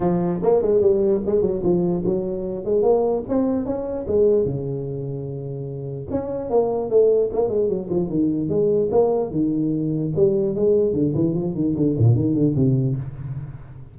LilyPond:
\new Staff \with { instrumentName = "tuba" } { \time 4/4 \tempo 4 = 148 f4 ais8 gis8 g4 gis8 fis8 | f4 fis4. gis8 ais4 | c'4 cis'4 gis4 cis4~ | cis2. cis'4 |
ais4 a4 ais8 gis8 fis8 f8 | dis4 gis4 ais4 dis4~ | dis4 g4 gis4 d8 e8 | f8 dis8 d8 ais,8 dis8 d8 c4 | }